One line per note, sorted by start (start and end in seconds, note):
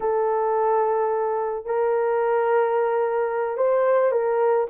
0.00 1.65 A4
1.65 3.57 A#4
3.57 4.11 C5
4.11 4.66 A#4